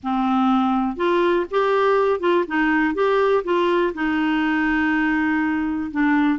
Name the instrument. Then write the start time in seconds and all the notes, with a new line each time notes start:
clarinet
0.03 C4
0.96 F4
1.50 G4
2.20 F4
2.47 D#4
2.94 G4
3.43 F4
3.93 D#4
5.91 D4